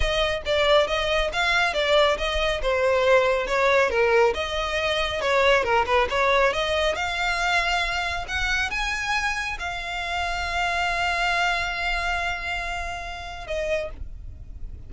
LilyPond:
\new Staff \with { instrumentName = "violin" } { \time 4/4 \tempo 4 = 138 dis''4 d''4 dis''4 f''4 | d''4 dis''4 c''2 | cis''4 ais'4 dis''2 | cis''4 ais'8 b'8 cis''4 dis''4 |
f''2. fis''4 | gis''2 f''2~ | f''1~ | f''2. dis''4 | }